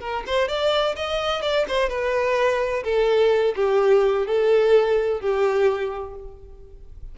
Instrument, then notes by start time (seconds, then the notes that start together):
violin
0.00 A#4
0.26 C5
0.48 D5
0.96 D#5
1.42 D5
1.68 C5
1.89 B4
2.84 A4
3.56 G4
4.26 A4
5.20 G4